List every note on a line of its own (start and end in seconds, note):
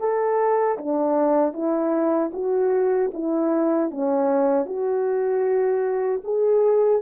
0.00 0.78 A4
0.79 1.54 D4
1.54 2.32 E4
2.34 3.12 F#4
3.14 3.91 E4
3.91 4.66 C#4
4.66 6.22 F#4
6.24 7.02 G#4